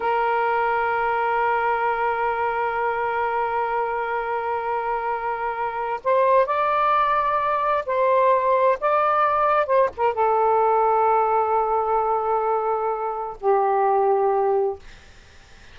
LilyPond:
\new Staff \with { instrumentName = "saxophone" } { \time 4/4 \tempo 4 = 130 ais'1~ | ais'1~ | ais'1~ | ais'4 c''4 d''2~ |
d''4 c''2 d''4~ | d''4 c''8 ais'8 a'2~ | a'1~ | a'4 g'2. | }